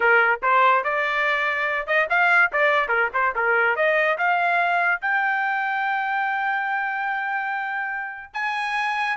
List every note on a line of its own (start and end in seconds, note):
0.00 0.40 A#4
0.42 0.84 C5
0.84 1.86 D5
1.86 2.07 D#5
2.09 2.51 F5
2.52 2.88 D5
2.88 3.09 A#4
3.13 3.34 C5
3.35 3.76 A#4
3.76 4.17 D#5
4.18 5.01 F5
5.01 8.33 G5
8.33 9.17 G#5